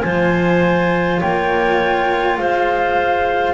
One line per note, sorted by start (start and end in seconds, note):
0.00 1.22 F3
0.00 3.54 F4
0.00 1.21 C5
0.00 1.18 G#5
1.21 2.38 A#3
1.21 2.38 C#5
1.21 2.37 G5
2.37 3.54 G#3
2.37 3.54 C5
2.37 3.54 F5